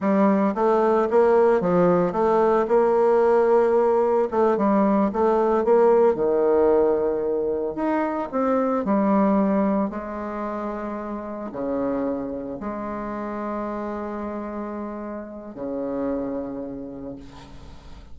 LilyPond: \new Staff \with { instrumentName = "bassoon" } { \time 4/4 \tempo 4 = 112 g4 a4 ais4 f4 | a4 ais2. | a8 g4 a4 ais4 dis8~ | dis2~ dis8 dis'4 c'8~ |
c'8 g2 gis4.~ | gis4. cis2 gis8~ | gis1~ | gis4 cis2. | }